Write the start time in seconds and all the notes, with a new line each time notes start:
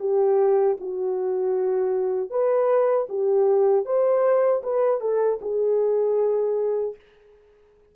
0.00 G4
0.80 F#4
2.30 B4
3.09 G4
3.85 C5
4.63 B4
5.01 A4
5.42 G#4